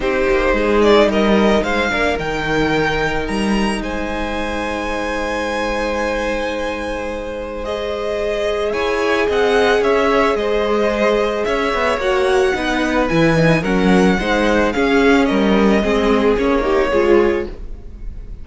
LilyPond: <<
  \new Staff \with { instrumentName = "violin" } { \time 4/4 \tempo 4 = 110 c''4. d''8 dis''4 f''4 | g''2 ais''4 gis''4~ | gis''1~ | gis''2 dis''2 |
gis''4 fis''4 e''4 dis''4~ | dis''4 e''4 fis''2 | gis''4 fis''2 f''4 | dis''2 cis''2 | }
  \new Staff \with { instrumentName = "violin" } { \time 4/4 g'4 gis'4 ais'4 c''8 ais'8~ | ais'2. c''4~ | c''1~ | c''1 |
cis''4 dis''4 cis''4 c''4~ | c''4 cis''2 b'4~ | b'4 ais'4 c''4 gis'4 | ais'4 gis'4. g'8 gis'4 | }
  \new Staff \with { instrumentName = "viola" } { \time 4/4 dis'2.~ dis'8 d'8 | dis'1~ | dis'1~ | dis'2 gis'2~ |
gis'1~ | gis'2 fis'4 dis'4 | e'8 dis'8 cis'4 dis'4 cis'4~ | cis'4 c'4 cis'8 dis'8 f'4 | }
  \new Staff \with { instrumentName = "cello" } { \time 4/4 c'8 ais8 gis4 g4 gis8 ais8 | dis2 g4 gis4~ | gis1~ | gis1 |
e'4 c'4 cis'4 gis4~ | gis4 cis'8 b8 ais4 b4 | e4 fis4 gis4 cis'4 | g4 gis4 ais4 gis4 | }
>>